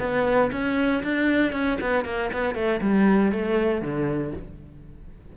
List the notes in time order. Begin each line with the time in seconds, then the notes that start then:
0.00 B3
0.52 C#4
1.03 D4
1.53 C#4
1.81 B3
2.05 A#3
2.33 B3
2.55 A3
2.82 G3
3.33 A3
3.82 D3